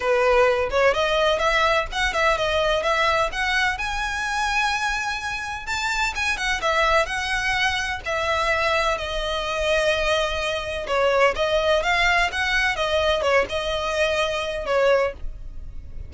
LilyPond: \new Staff \with { instrumentName = "violin" } { \time 4/4 \tempo 4 = 127 b'4. cis''8 dis''4 e''4 | fis''8 e''8 dis''4 e''4 fis''4 | gis''1 | a''4 gis''8 fis''8 e''4 fis''4~ |
fis''4 e''2 dis''4~ | dis''2. cis''4 | dis''4 f''4 fis''4 dis''4 | cis''8 dis''2~ dis''8 cis''4 | }